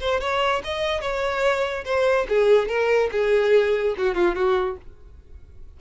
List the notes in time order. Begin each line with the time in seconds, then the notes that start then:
0.00 C5
0.20 C#5
0.64 D#5
1.01 C#5
1.85 C5
2.29 G#4
2.68 A#4
3.11 G#4
3.97 F#4
4.14 F4
4.35 F#4